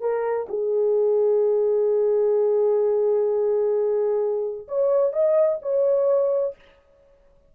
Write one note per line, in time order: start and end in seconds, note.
0.00 0.47 A#4
0.48 4.67 G#4
4.68 5.12 C#5
5.12 5.59 D#5
5.62 6.55 C#5